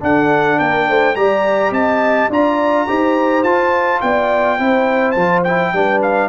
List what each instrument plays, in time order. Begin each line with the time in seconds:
0.00 trombone D4, tuba D4, horn A4, trumpet F#5
0.58 tuba A#3, horn A#4, trumpet G5
0.88 tuba A3, horn C5
1.15 tuba G3, trombone G4, horn D5, trumpet A#5
1.71 tuba C4, horn D#5, trumpet A5
2.29 tuba D4, trombone F4, horn D5, trumpet A#5
2.87 tuba D#4, trombone G4, horn C5
3.43 tuba F4, trombone F4, trumpet A5
4.01 tuba B3, horn D5, trumpet G5
4.58 tuba C4, trombone E4, horn C5
5.11 tuba F3, trombone F4, trumpet A5
5.43 trombone E4, trumpet G5
5.73 tuba G3, trombone D4, horn B4
6.02 trumpet F5